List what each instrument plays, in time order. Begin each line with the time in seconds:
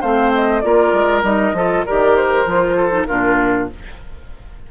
0.00 bassoon A3, clarinet C4, oboe C5, flute F5
0.34 flute D#5
0.60 bassoon A#3, clarinet F4, oboe A#4, flute D5
0.92 bassoon G#3
1.22 bassoon G3, clarinet D#4, flute D#5
1.53 bassoon F3, clarinet F4, oboe A4
1.85 bassoon D#3, clarinet G4, oboe A#4, flute D5
2.16 flute C5
2.45 bassoon F3, clarinet F4
2.76 oboe A4
2.90 clarinet D#4
3.05 bassoon A#2, clarinet D4, oboe F4, flute A#4